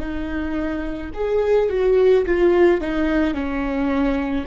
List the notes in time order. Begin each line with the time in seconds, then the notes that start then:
0.00 D#4
1.14 G#4
1.70 F#4
2.26 F4
2.81 D#4
3.34 C#4